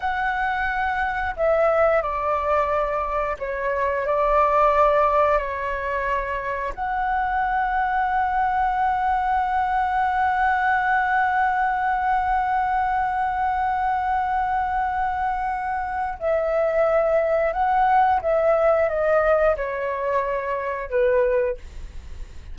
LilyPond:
\new Staff \with { instrumentName = "flute" } { \time 4/4 \tempo 4 = 89 fis''2 e''4 d''4~ | d''4 cis''4 d''2 | cis''2 fis''2~ | fis''1~ |
fis''1~ | fis''1 | e''2 fis''4 e''4 | dis''4 cis''2 b'4 | }